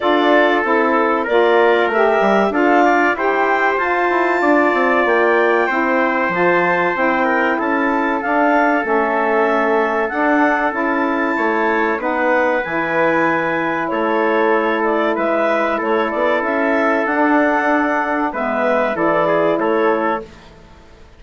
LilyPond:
<<
  \new Staff \with { instrumentName = "clarinet" } { \time 4/4 \tempo 4 = 95 d''4 a'4 d''4 e''4 | f''4 g''4 a''2 | g''2 a''4 g''4 | a''4 f''4 e''2 |
fis''4 a''2 fis''4 | gis''2 cis''4. d''8 | e''4 cis''8 d''8 e''4 fis''4~ | fis''4 e''4 d''4 cis''4 | }
  \new Staff \with { instrumentName = "trumpet" } { \time 4/4 a'2 ais'2 | a'8 d''8 c''2 d''4~ | d''4 c''2~ c''8 ais'8 | a'1~ |
a'2 cis''4 b'4~ | b'2 a'2 | b'4 a'2.~ | a'4 b'4 a'8 gis'8 a'4 | }
  \new Staff \with { instrumentName = "saxophone" } { \time 4/4 f'4 e'4 f'4 g'4 | f'4 g'4 f'2~ | f'4 e'4 f'4 e'4~ | e'4 d'4 cis'2 |
d'4 e'2 dis'4 | e'1~ | e'2. d'4~ | d'4 b4 e'2 | }
  \new Staff \with { instrumentName = "bassoon" } { \time 4/4 d'4 c'4 ais4 a8 g8 | d'4 e'4 f'8 e'8 d'8 c'8 | ais4 c'4 f4 c'4 | cis'4 d'4 a2 |
d'4 cis'4 a4 b4 | e2 a2 | gis4 a8 b8 cis'4 d'4~ | d'4 gis4 e4 a4 | }
>>